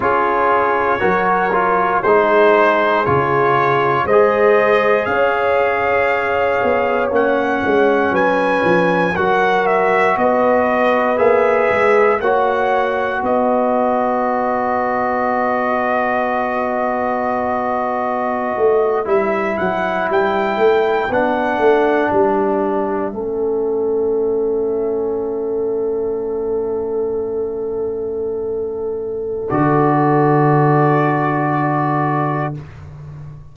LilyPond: <<
  \new Staff \with { instrumentName = "trumpet" } { \time 4/4 \tempo 4 = 59 cis''2 c''4 cis''4 | dis''4 f''2 fis''4 | gis''4 fis''8 e''8 dis''4 e''4 | fis''4 dis''2.~ |
dis''2~ dis''8. e''8 fis''8 g''16~ | g''8. fis''4 e''2~ e''16~ | e''1~ | e''4 d''2. | }
  \new Staff \with { instrumentName = "horn" } { \time 4/4 gis'4 ais'4 gis'2 | c''4 cis''2. | b'4 ais'4 b'2 | cis''4 b'2.~ |
b'1~ | b'2~ b'8. a'4~ a'16~ | a'1~ | a'1 | }
  \new Staff \with { instrumentName = "trombone" } { \time 4/4 f'4 fis'8 f'8 dis'4 f'4 | gis'2. cis'4~ | cis'4 fis'2 gis'4 | fis'1~ |
fis'2~ fis'8. e'4~ e'16~ | e'8. d'2 cis'4~ cis'16~ | cis'1~ | cis'4 fis'2. | }
  \new Staff \with { instrumentName = "tuba" } { \time 4/4 cis'4 fis4 gis4 cis4 | gis4 cis'4. b8 ais8 gis8 | fis8 f8 fis4 b4 ais8 gis8 | ais4 b2.~ |
b2~ b16 a8 g8 fis8 g16~ | g16 a8 b8 a8 g4 a4~ a16~ | a1~ | a4 d2. | }
>>